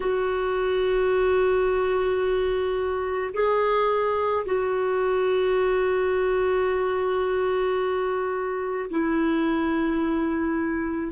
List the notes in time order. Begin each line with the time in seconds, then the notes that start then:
0.00 F#4
3.34 G#4
4.45 F#4
8.90 E4